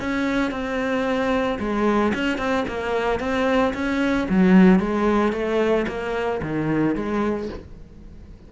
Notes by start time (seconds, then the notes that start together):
0.00 C#4
0.51 C4
1.59 G#3
2.14 C#4
2.38 C4
2.68 A#3
3.19 C4
3.74 C#4
4.29 F#3
4.79 G#3
5.32 A3
5.88 A#3
6.42 D#3
6.95 G#3